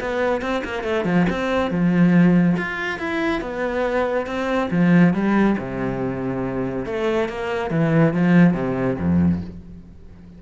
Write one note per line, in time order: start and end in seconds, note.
0.00 0.41 B3
0.41 0.63 C4
0.64 0.83 A#3
0.83 1.05 A3
1.05 1.26 F3
1.29 1.70 C4
1.70 2.56 F3
2.57 2.99 F4
2.99 3.41 E4
3.41 4.26 B3
4.26 4.69 C4
4.71 5.14 F3
5.14 5.56 G3
5.58 6.86 C3
6.86 7.29 A3
7.29 7.70 A#3
7.70 8.13 E3
8.14 8.54 F3
8.54 8.96 C3
8.99 9.41 F2